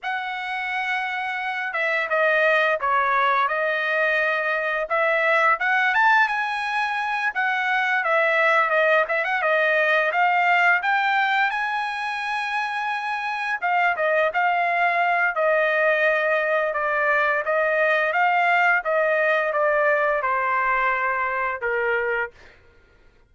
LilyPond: \new Staff \with { instrumentName = "trumpet" } { \time 4/4 \tempo 4 = 86 fis''2~ fis''8 e''8 dis''4 | cis''4 dis''2 e''4 | fis''8 a''8 gis''4. fis''4 e''8~ | e''8 dis''8 e''16 fis''16 dis''4 f''4 g''8~ |
g''8 gis''2. f''8 | dis''8 f''4. dis''2 | d''4 dis''4 f''4 dis''4 | d''4 c''2 ais'4 | }